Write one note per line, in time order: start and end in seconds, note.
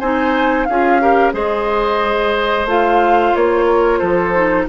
0.00 0.68 C4
0.00 0.69 D#4
0.00 0.67 C5
0.00 0.65 G#5
0.65 1.33 C#4
0.65 1.01 F4
0.65 1.02 G#4
0.65 1.31 F5
1.01 1.33 G4
1.01 1.34 A#4
1.33 2.65 G#3
1.33 2.66 G#4
1.33 3.66 C5
1.33 2.68 D#5
2.65 3.32 A3
2.65 4.34 F4
2.65 3.36 F5
3.35 4.01 A#3
3.35 3.98 C#5
3.66 3.99 A#4
3.98 4.68 F3
3.98 4.66 A4
3.98 4.65 C5
4.34 4.68 D#4